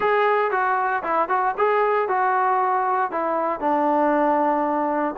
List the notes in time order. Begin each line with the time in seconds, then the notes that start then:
0.00 G#4
0.51 F#4
1.03 E4
1.28 F#4
1.57 G#4
2.08 F#4
3.11 E4
3.59 D4